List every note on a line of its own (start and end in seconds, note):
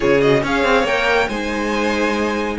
0.00 0.43 C#3
0.00 0.19 F4
0.00 0.42 G#4
0.00 0.21 C#5
0.21 0.42 F#4
0.21 0.42 D#5
0.42 0.64 C#4
0.42 0.88 G#4
0.42 1.28 C#5
0.42 0.86 F5
0.64 0.83 C4
0.83 1.26 A#3
0.83 1.30 A#4
0.83 1.28 G5
1.28 2.57 G#3
1.28 2.59 D#4
1.28 2.57 C5
1.28 2.58 G#5